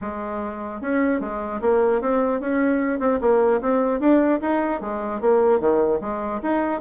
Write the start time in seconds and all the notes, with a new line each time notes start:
0.01 G#3
0.81 C#4
1.20 G#3
1.61 A#3
2.01 C4
2.40 C#4
2.99 C4
3.21 A#3
3.61 C4
4.00 D4
4.41 D#4
4.81 G#3
5.21 A#3
5.60 D#3
6.00 G#3
6.42 D#4